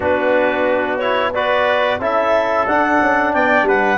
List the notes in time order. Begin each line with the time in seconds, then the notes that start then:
0.00 B3 D4 F#4 B4
0.98 E4 C#5
1.34 F#4 B4 D5
1.99 C#4 E4 A4 E5
2.67 D4 F#5
3.01 C#4
3.33 B3 D5 G5
3.62 G3 B4 F#5